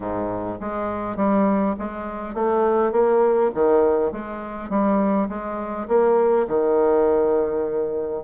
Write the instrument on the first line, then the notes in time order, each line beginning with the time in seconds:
bassoon
0.00 G#2
0.60 G#3
1.16 G3
1.78 G#3
2.34 A3
2.91 A#3
3.54 D#3
4.12 G#3
4.69 G3
5.29 G#3
5.87 A#3
6.47 D#3